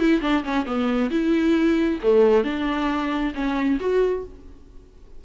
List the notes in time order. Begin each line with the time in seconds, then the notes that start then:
0.00 E4
0.22 D4
0.44 C#4
0.66 B3
1.11 E4
2.03 A3
2.44 D4
3.35 C#4
3.80 F#4